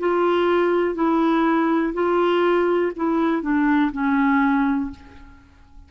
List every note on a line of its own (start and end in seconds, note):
0.00 0.95 F4
0.95 1.94 E4
1.94 2.92 F4
2.96 3.43 E4
3.43 3.92 D4
3.93 4.91 C#4